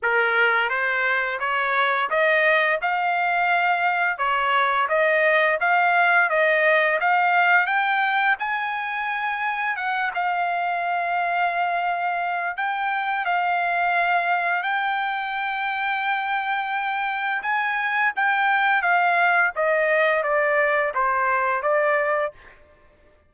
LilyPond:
\new Staff \with { instrumentName = "trumpet" } { \time 4/4 \tempo 4 = 86 ais'4 c''4 cis''4 dis''4 | f''2 cis''4 dis''4 | f''4 dis''4 f''4 g''4 | gis''2 fis''8 f''4.~ |
f''2 g''4 f''4~ | f''4 g''2.~ | g''4 gis''4 g''4 f''4 | dis''4 d''4 c''4 d''4 | }